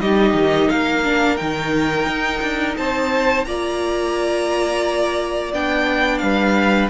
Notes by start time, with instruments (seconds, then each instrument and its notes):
0.00 cello G3, viola D#4, violin G4 D#5
0.33 cello D#3
0.69 cello A#3, violin A#4 F5
1.04 viola D4
1.36 cello D#3, viola D#4, violin G5
2.06 cello D#4
2.41 cello D4
2.77 cello C4, violin C5 A5
3.45 cello A#3, viola F4, violin D5 A#5
5.53 cello B3, viola D4, violin G5
6.18 cello G3, violin B4 F5